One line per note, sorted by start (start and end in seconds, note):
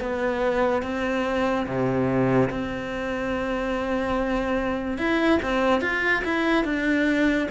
0.00 0.83 B3
0.83 1.66 C4
1.66 2.50 C3
2.50 4.98 C4
4.98 5.40 E4
5.43 5.81 C4
5.81 6.23 F4
6.25 6.65 E4
6.65 7.48 D4